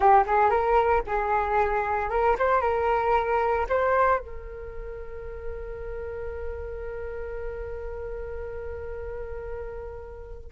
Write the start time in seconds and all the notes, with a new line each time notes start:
0.00 G4
0.26 G#4
0.50 A#4
1.06 G#4
2.10 A#4
2.39 C5
2.61 A#4
3.69 C5
4.19 A#4